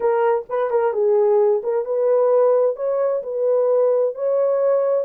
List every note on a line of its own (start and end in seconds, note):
0.00 0.45 A#4
0.49 0.70 B4
0.70 0.92 A#4
0.92 1.62 G#4
1.63 1.85 A#4
1.85 2.76 B4
2.76 3.22 C#5
3.22 4.14 B4
4.14 5.04 C#5